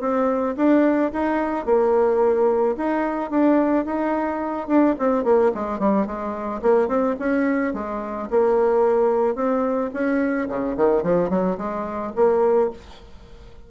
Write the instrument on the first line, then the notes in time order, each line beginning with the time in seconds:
bassoon
0.00 C4
0.56 D4
1.12 D#4
1.65 A#3
2.77 D#4
3.30 D4
3.85 D#4
4.67 D4
4.99 C4
5.24 A#3
5.54 G#3
5.79 G3
6.06 G#3
6.62 A#3
6.88 C4
7.19 C#4
7.73 G#3
8.30 A#3
9.35 C4
9.93 C#4
10.48 C#3
10.76 D#3
11.03 F3
11.29 F#3
11.57 G#3
12.15 A#3